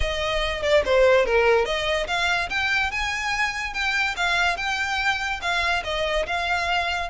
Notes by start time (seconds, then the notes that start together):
0.00 D#5
0.62 D5
0.85 C5
1.25 A#4
1.65 D#5
2.07 F5
2.49 G5
2.91 G#5
3.73 G5
4.16 F5
4.56 G5
5.41 F5
5.84 D#5
6.26 F5